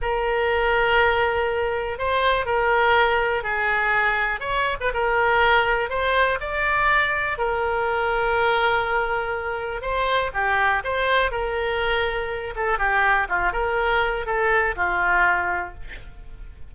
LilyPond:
\new Staff \with { instrumentName = "oboe" } { \time 4/4 \tempo 4 = 122 ais'1 | c''4 ais'2 gis'4~ | gis'4 cis''8. b'16 ais'2 | c''4 d''2 ais'4~ |
ais'1 | c''4 g'4 c''4 ais'4~ | ais'4. a'8 g'4 f'8 ais'8~ | ais'4 a'4 f'2 | }